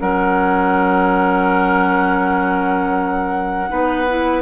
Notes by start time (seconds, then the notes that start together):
0.00 F#3 C#4 A#4 F#5
3.69 B3 D#4 B4
4.09 E4